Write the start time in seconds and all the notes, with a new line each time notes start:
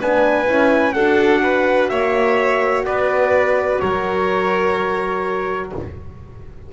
0.00 B3 D4 B4 G#5
0.45 C#4 E4
0.92 D4 F#4 A4 F#5
1.42 B4
1.88 A#3 C#5 E5
2.85 B3 B4 D5
3.79 F#3 A#4 C#5